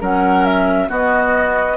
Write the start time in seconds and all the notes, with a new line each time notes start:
0.00 F#3 C#4 A#4 F#5
0.45 E5
0.88 B3 F#4 D#5